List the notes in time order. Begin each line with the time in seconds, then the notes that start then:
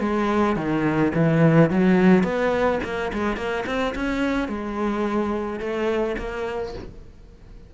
0.00 G#3
0.56 D#3
1.15 E3
1.71 F#3
2.24 B3
2.84 A#3
3.13 G#3
3.37 A#3
3.66 C4
3.95 C#4
4.48 G#3
5.60 A3
6.18 A#3